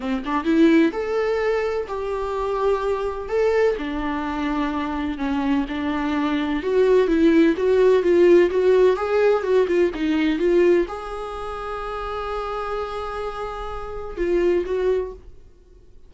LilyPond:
\new Staff \with { instrumentName = "viola" } { \time 4/4 \tempo 4 = 127 c'8 d'8 e'4 a'2 | g'2. a'4 | d'2. cis'4 | d'2 fis'4 e'4 |
fis'4 f'4 fis'4 gis'4 | fis'8 f'8 dis'4 f'4 gis'4~ | gis'1~ | gis'2 f'4 fis'4 | }